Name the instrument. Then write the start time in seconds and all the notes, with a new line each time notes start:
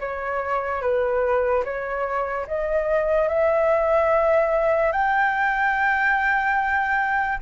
flute
0.00 C#5
0.82 B4
1.64 C#5
2.47 D#5
3.28 E5
4.92 G5